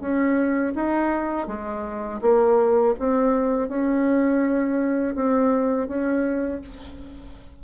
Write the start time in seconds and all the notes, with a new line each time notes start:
0.00 C#4
0.75 D#4
1.47 G#3
2.21 A#3
2.98 C4
3.68 C#4
5.15 C4
5.87 C#4